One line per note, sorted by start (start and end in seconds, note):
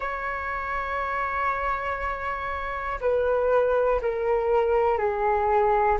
0.00 3.00 C#5
3.00 4.00 B4
4.01 4.97 A#4
4.97 5.97 G#4